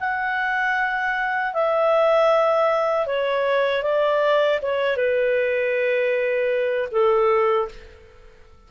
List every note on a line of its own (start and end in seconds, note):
0.00 1.53 F#5
1.53 3.06 E5
3.06 3.83 C#5
3.83 4.60 D5
4.62 4.97 C#5
4.97 6.89 B4
6.92 7.69 A4